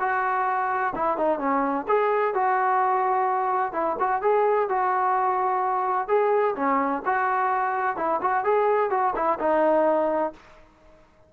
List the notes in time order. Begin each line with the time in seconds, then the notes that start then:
0.00 F#4
0.96 E4
1.18 D#4
1.39 C#4
1.88 G#4
2.34 F#4
3.73 E4
4.00 F#4
4.22 G#4
4.69 F#4
6.08 G#4
6.56 C#4
7.05 F#4
7.97 E4
8.22 F#4
8.45 G#4
8.90 F#4
9.16 E4
9.40 D#4